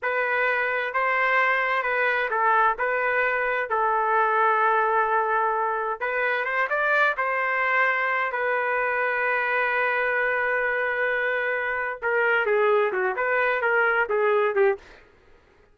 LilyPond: \new Staff \with { instrumentName = "trumpet" } { \time 4/4 \tempo 4 = 130 b'2 c''2 | b'4 a'4 b'2 | a'1~ | a'4 b'4 c''8 d''4 c''8~ |
c''2 b'2~ | b'1~ | b'2 ais'4 gis'4 | fis'8 b'4 ais'4 gis'4 g'8 | }